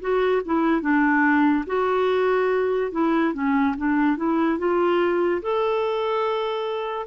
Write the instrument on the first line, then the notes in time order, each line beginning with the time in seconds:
clarinet
0.00 F#4
0.45 E4
0.81 D4
1.66 F#4
2.92 E4
3.33 C#4
3.77 D4
4.17 E4
4.58 F4
5.42 A4